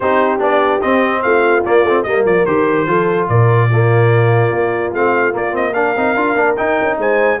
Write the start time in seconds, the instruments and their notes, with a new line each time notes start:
0.00 tuba C4, trombone D#4, horn G4, trumpet C5
0.38 tuba B3, trombone D4, trumpet D5
0.81 trombone C4, tuba C4, trumpet D#5
1.22 tuba A3, horn F4, trumpet F5
1.65 trombone A#3, tuba A#3, trumpet D5
1.83 tuba A3, trombone C4
2.03 tuba G3, trombone A#3, horn A#4, trumpet D#5
2.25 tuba F3, trumpet D5
2.45 tuba D#3, trombone G4, trumpet C5
2.86 tuba F3, trombone F4, horn A4
3.28 tuba A#2, horn A#4, trumpet D5
3.70 trombone A#3, horn F4
4.50 tuba A#3
4.93 tuba A3, trombone C4, trumpet F5
5.32 trombone A#3, tuba A#3, trumpet D5
5.51 trombone C4, trumpet D#5
5.73 trombone D4, horn A#4, trumpet F5
5.96 tuba C4, trombone D#4
6.15 tuba D4, trombone F4
6.35 tuba A#3, trombone D4
6.56 trombone D#4, tuba D#4, trumpet G5
6.81 tuba C#4
6.98 tuba G#3, horn C5, trumpet G#5